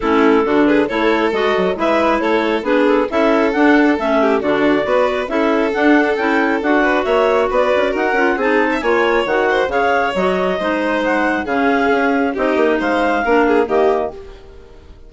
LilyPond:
<<
  \new Staff \with { instrumentName = "clarinet" } { \time 4/4 \tempo 4 = 136 a'4. b'8 cis''4 dis''4 | e''4 cis''4 b'8 a'8 e''4 | fis''4 e''4 d''2 | e''4 fis''4 g''4 fis''4 |
e''4 d''4 fis''4 a''4 | gis''4 fis''4 f''4 dis''4~ | dis''4 fis''4 f''2 | dis''4 f''2 dis''4 | }
  \new Staff \with { instrumentName = "violin" } { \time 4/4 e'4 fis'8 gis'8 a'2 | b'4 a'4 gis'4 a'4~ | a'4. g'8 fis'4 b'4 | a'2.~ a'8 b'8 |
cis''4 b'4 ais'4 gis'8. e''16 | cis''4. c''8 cis''2 | c''2 gis'2 | g'4 c''4 ais'8 gis'8 g'4 | }
  \new Staff \with { instrumentName = "clarinet" } { \time 4/4 cis'4 d'4 e'4 fis'4 | e'2 d'4 e'4 | d'4 cis'4 d'4 fis'4 | e'4 d'4 e'4 fis'4~ |
fis'2~ fis'8 f'8 dis'4 | f'4 fis'4 gis'4 fis'4 | dis'2 cis'2 | dis'2 d'4 ais4 | }
  \new Staff \with { instrumentName = "bassoon" } { \time 4/4 a4 d4 a4 gis8 fis8 | gis4 a4 b4 cis'4 | d'4 a4 d4 b4 | cis'4 d'4 cis'4 d'4 |
ais4 b8 cis'8 dis'8 cis'8 c'4 | ais4 dis4 cis4 fis4 | gis2 cis4 cis'4 | c'8 ais8 gis4 ais4 dis4 | }
>>